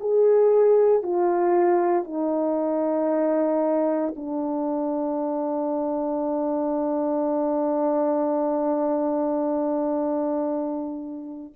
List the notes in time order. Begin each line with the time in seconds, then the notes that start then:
0.00 G#4
1.02 F4
2.04 D#4
4.16 D4